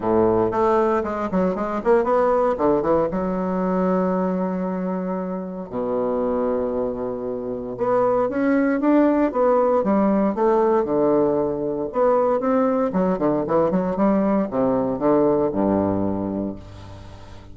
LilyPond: \new Staff \with { instrumentName = "bassoon" } { \time 4/4 \tempo 4 = 116 a,4 a4 gis8 fis8 gis8 ais8 | b4 d8 e8 fis2~ | fis2. b,4~ | b,2. b4 |
cis'4 d'4 b4 g4 | a4 d2 b4 | c'4 fis8 d8 e8 fis8 g4 | c4 d4 g,2 | }